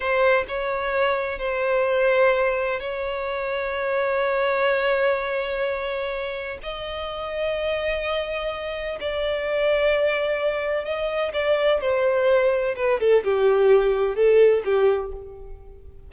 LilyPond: \new Staff \with { instrumentName = "violin" } { \time 4/4 \tempo 4 = 127 c''4 cis''2 c''4~ | c''2 cis''2~ | cis''1~ | cis''2 dis''2~ |
dis''2. d''4~ | d''2. dis''4 | d''4 c''2 b'8 a'8 | g'2 a'4 g'4 | }